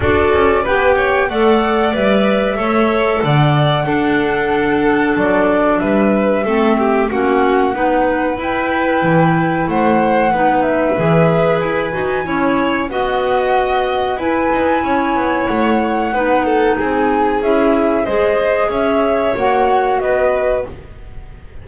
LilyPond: <<
  \new Staff \with { instrumentName = "flute" } { \time 4/4 \tempo 4 = 93 d''4 g''4 fis''4 e''4~ | e''4 fis''2. | d''4 e''2 fis''4~ | fis''4 g''2 fis''4~ |
fis''8 e''4. gis''2 | fis''2 gis''2 | fis''2 gis''4 e''4 | dis''4 e''4 fis''4 dis''4 | }
  \new Staff \with { instrumentName = "violin" } { \time 4/4 a'4 b'8 cis''8 d''2 | cis''4 d''4 a'2~ | a'4 b'4 a'8 g'8 fis'4 | b'2. c''4 |
b'2. cis''4 | dis''2 b'4 cis''4~ | cis''4 b'8 a'8 gis'2 | c''4 cis''2 b'4 | }
  \new Staff \with { instrumentName = "clarinet" } { \time 4/4 fis'4 g'4 a'4 b'4 | a'2 d'2~ | d'2 c'4 cis'4 | dis'4 e'2. |
dis'4 gis'4. fis'8 e'4 | fis'2 e'2~ | e'4 dis'2 e'4 | gis'2 fis'2 | }
  \new Staff \with { instrumentName = "double bass" } { \time 4/4 d'8 cis'8 b4 a4 g4 | a4 d4 d'2 | fis4 g4 a4 ais4 | b4 e'4 e4 a4 |
b4 e4 e'8 dis'8 cis'4 | b2 e'8 dis'8 cis'8 b8 | a4 b4 c'4 cis'4 | gis4 cis'4 ais4 b4 | }
>>